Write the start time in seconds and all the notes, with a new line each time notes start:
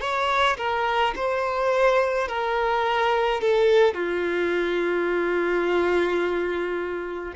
0.00 C#5
0.57 A#4
1.15 C5
2.28 A#4
3.40 A4
3.94 F4